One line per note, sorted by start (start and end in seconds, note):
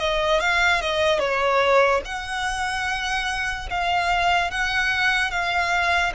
0.00 0.40 D#5
0.40 0.81 F5
0.82 1.20 D#5
1.20 2.02 C#5
2.05 3.69 F#5
3.70 4.51 F5
4.51 5.31 F#5
5.31 6.13 F5